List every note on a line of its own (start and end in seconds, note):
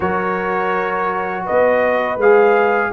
0.00 1.46 F#3
0.00 2.18 F#4
0.00 1.43 A#4
0.00 1.46 C#5
1.44 2.17 B3
1.44 2.90 B4
1.44 2.19 D#5
2.17 2.90 G#3
2.17 2.92 G#4
2.17 2.92 F5